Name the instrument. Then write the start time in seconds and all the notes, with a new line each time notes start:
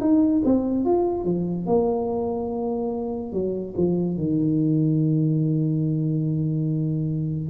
tuba
0.00 D#4
0.44 C4
0.84 F4
1.24 F3
1.66 A#3
3.32 F#3
3.76 F3
4.17 D#3